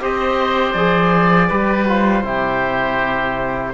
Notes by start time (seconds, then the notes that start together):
0.00 C4 G4 C5 D#5
0.72 F3 G#4 D5
1.48 G3 G4 B4
1.87 F4 C5
2.23 C3 E4 G4